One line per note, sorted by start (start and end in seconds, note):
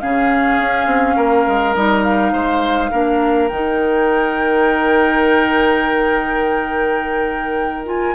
0.00 0.59 C#3
0.00 1.75 C#4
0.00 1.16 G#4
0.00 1.75 F5
0.59 0.86 C#4
0.86 1.15 C4
1.16 1.46 A#3
1.16 2.33 A#4
1.47 1.76 G#3
1.75 2.33 G3
1.75 2.91 D#4
1.75 2.04 D#5
2.04 3.48 F5
2.33 2.91 G#3
2.33 2.91 C5
2.91 3.51 A#3
2.91 3.50 D4
2.91 8.15 A#4
3.48 8.15 D#3
3.48 7.86 D#4
3.48 7.85 G5
7.86 8.15 F4
7.86 8.15 G#5